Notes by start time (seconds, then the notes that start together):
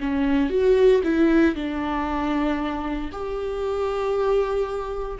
0.00 C#4
0.50 F#4
1.04 E4
1.55 D4
3.12 G4